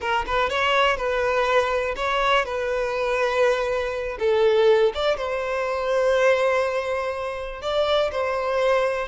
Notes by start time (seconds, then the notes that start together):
0.00 A#4
0.26 B4
0.49 C#5
0.96 B4
1.96 C#5
2.45 B4
4.19 A4
4.94 D5
5.16 C5
7.61 D5
8.11 C5